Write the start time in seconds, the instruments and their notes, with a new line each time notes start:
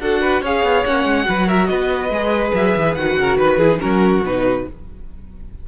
0.00 cello D4, viola F#4, violin A4 F#5
0.21 violin B4
0.42 cello C#4, viola G#4, violin C#5 F5
0.63 cello B3
0.85 cello A#3, viola C#4, violin F#5
1.05 cello G#3
1.24 cello F#3, viola F#4, violin B4
1.47 violin A#4 E5
1.67 cello B3, violin B4 D#5
2.10 cello G#3, viola G#4
2.54 cello F#3, violin E5
2.76 cello E3
2.95 cello D#3, viola F#4, violin F#5
3.18 cello C#3, violin A#4
3.37 cello D#3, violin B4
3.58 cello E3, viola E4, violin G#4
3.71 viola D#4
3.79 cello F#3, viola C#4, violin F#4 A#4
4.21 cello B2, viola D#4, violin B4